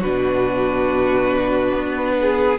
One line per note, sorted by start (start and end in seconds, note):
0.00 1.73 B2
0.00 2.59 D4
0.00 2.14 F#4
0.00 2.59 B4
1.73 2.59 B3
2.21 2.59 G#4